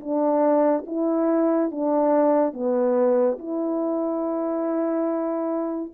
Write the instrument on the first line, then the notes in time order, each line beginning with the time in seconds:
horn
0.00 D4
0.86 E4
1.71 D4
2.53 B3
3.38 E4